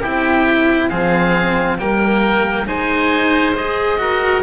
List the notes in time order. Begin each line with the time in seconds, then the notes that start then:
0.00 C4 E4 G4 G5
0.89 F3 C4 G#4 F5
1.78 G3 A#3 A#4 G5
2.66 G#3 D#4 C5 G#5
3.55 G#4 D#5
3.98 F#4 A#4